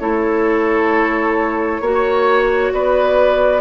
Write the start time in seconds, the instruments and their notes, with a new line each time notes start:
0.00 bassoon A3, clarinet E4, oboe A4, flute C#5
1.81 bassoon A#3, clarinet F#4, oboe C#5
2.73 bassoon B3, oboe B4, flute D5